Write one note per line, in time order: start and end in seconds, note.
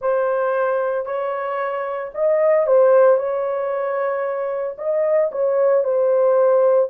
0.01 1.05 C5
1.05 2.11 C#5
2.14 2.66 D#5
2.66 3.17 C5
3.17 4.76 C#5
4.77 5.30 D#5
5.31 5.84 C#5
5.84 6.90 C5